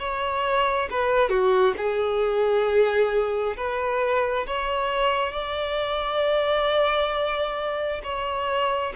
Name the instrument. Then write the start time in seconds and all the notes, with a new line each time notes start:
violin
0.00 C#5
0.91 B4
1.30 F#4
1.78 G#4
3.57 B4
4.47 C#5
5.33 D5
8.04 C#5